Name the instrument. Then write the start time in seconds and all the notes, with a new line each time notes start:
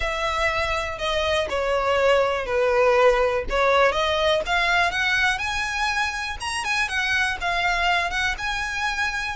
violin
0.00 E5
0.98 D#5
1.49 C#5
2.46 B4
3.49 C#5
3.92 D#5
4.46 F5
4.91 F#5
5.38 G#5
6.40 A#5
6.64 G#5
6.88 F#5
7.40 F5
8.10 F#5
8.38 G#5